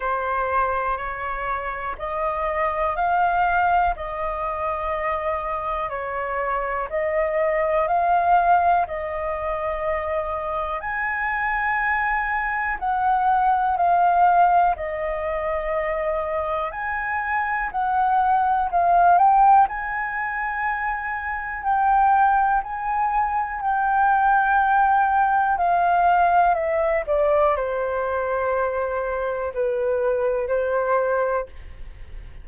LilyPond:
\new Staff \with { instrumentName = "flute" } { \time 4/4 \tempo 4 = 61 c''4 cis''4 dis''4 f''4 | dis''2 cis''4 dis''4 | f''4 dis''2 gis''4~ | gis''4 fis''4 f''4 dis''4~ |
dis''4 gis''4 fis''4 f''8 g''8 | gis''2 g''4 gis''4 | g''2 f''4 e''8 d''8 | c''2 b'4 c''4 | }